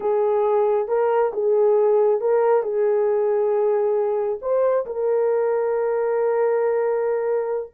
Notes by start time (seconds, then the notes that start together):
0.00 G#4
0.88 A#4
1.33 G#4
2.20 A#4
2.62 G#4
4.41 C5
4.86 A#4